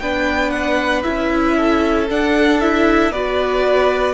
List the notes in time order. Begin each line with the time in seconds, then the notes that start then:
0.00 B3 D4 B4 G5
0.50 F#5
1.03 C#4 E4 E5
1.57 A4
2.10 D4 F#5
2.61 E4 E5
3.11 B3 F#4 B4 D5